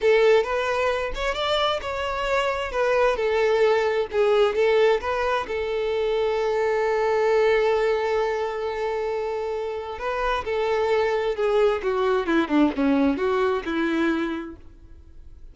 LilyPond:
\new Staff \with { instrumentName = "violin" } { \time 4/4 \tempo 4 = 132 a'4 b'4. cis''8 d''4 | cis''2 b'4 a'4~ | a'4 gis'4 a'4 b'4 | a'1~ |
a'1~ | a'2 b'4 a'4~ | a'4 gis'4 fis'4 e'8 d'8 | cis'4 fis'4 e'2 | }